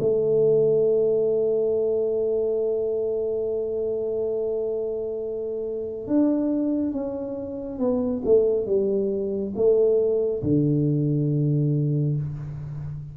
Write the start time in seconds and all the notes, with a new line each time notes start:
0.00 A3
6.07 D4
6.92 C#4
7.79 B3
8.25 A3
8.66 G3
9.56 A3
10.43 D3